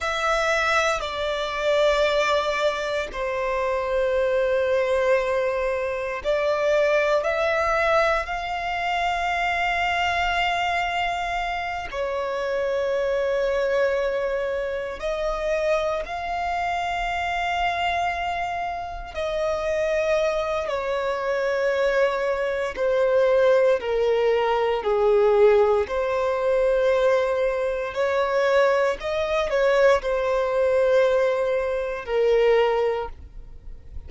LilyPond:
\new Staff \with { instrumentName = "violin" } { \time 4/4 \tempo 4 = 58 e''4 d''2 c''4~ | c''2 d''4 e''4 | f''2.~ f''8 cis''8~ | cis''2~ cis''8 dis''4 f''8~ |
f''2~ f''8 dis''4. | cis''2 c''4 ais'4 | gis'4 c''2 cis''4 | dis''8 cis''8 c''2 ais'4 | }